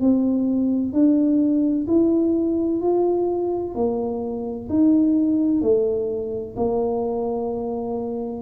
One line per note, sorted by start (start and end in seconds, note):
0.00 0.92 C4
0.92 1.86 D4
1.87 2.81 E4
2.81 3.75 F4
3.75 4.68 A#3
4.69 5.61 D#4
5.61 6.55 A3
6.56 8.42 A#3